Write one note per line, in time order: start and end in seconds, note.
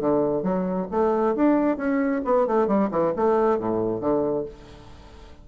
0.00 0.43 D3
0.43 0.87 F#3
0.91 1.36 A3
1.36 1.77 D4
1.77 2.22 C#4
2.25 2.47 B3
2.47 2.67 A3
2.67 2.89 G3
2.91 3.13 E3
3.16 3.59 A3
3.59 4.01 A2
4.01 4.45 D3